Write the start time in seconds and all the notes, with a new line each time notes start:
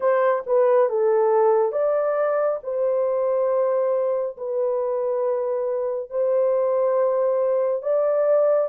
0.00 C5
0.46 B4
0.89 A4
1.72 D5
2.63 C5
4.37 B4
6.10 C5
7.82 D5